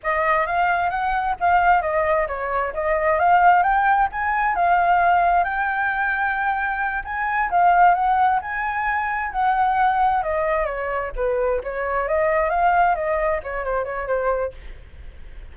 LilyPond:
\new Staff \with { instrumentName = "flute" } { \time 4/4 \tempo 4 = 132 dis''4 f''4 fis''4 f''4 | dis''4 cis''4 dis''4 f''4 | g''4 gis''4 f''2 | g''2.~ g''8 gis''8~ |
gis''8 f''4 fis''4 gis''4.~ | gis''8 fis''2 dis''4 cis''8~ | cis''8 b'4 cis''4 dis''4 f''8~ | f''8 dis''4 cis''8 c''8 cis''8 c''4 | }